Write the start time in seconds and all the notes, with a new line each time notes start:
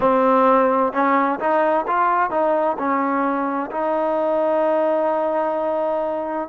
0.00 C4
0.92 C#4
1.39 D#4
1.87 F4
2.30 D#4
2.78 C#4
3.71 D#4